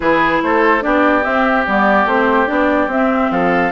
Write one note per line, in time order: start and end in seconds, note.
0.00 0.42 E3
0.00 0.81 E4
0.00 0.42 G#4
0.00 0.39 B4
0.42 0.83 A3
0.42 0.83 A4
0.42 0.82 C5
0.81 1.25 B3
0.81 1.22 D4
0.81 3.32 G4
0.81 1.24 D5
1.23 1.64 C4
1.23 1.66 C4
1.23 1.65 E5
1.66 2.05 G3
1.66 2.08 B3
1.66 2.08 D5
2.05 2.46 A3
2.05 2.46 C4
2.05 2.47 C5
2.46 2.87 B3
2.46 2.87 D4
2.46 2.89 D5
2.87 3.28 C4
2.87 3.72 C4
2.87 3.31 E5
3.31 3.72 F3
3.31 3.72 A4
3.31 3.72 F5